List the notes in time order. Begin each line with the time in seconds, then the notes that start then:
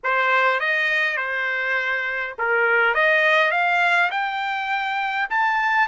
0.03 C5
0.60 D#5
1.16 C5
2.38 A#4
2.94 D#5
3.51 F5
4.10 G5
5.29 A5